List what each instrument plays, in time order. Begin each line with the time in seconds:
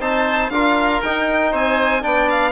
0.00 bassoon C4, trombone D#4, oboe C5, violin A5
0.50 bassoon D4, trombone F4, oboe A#4, violin F5
1.02 bassoon D#4, trombone D#4, violin G5
1.51 bassoon C4, oboe C5, violin G#5
2.01 bassoon B3, trombone D4, oboe D5, violin G5
2.30 violin F5